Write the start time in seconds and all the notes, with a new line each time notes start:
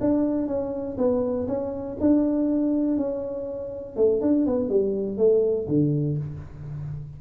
0.00 D4
0.47 C#4
0.98 B3
1.47 C#4
2.00 D4
2.97 C#4
3.96 A3
4.21 D4
4.46 B3
4.69 G3
5.18 A3
5.68 D3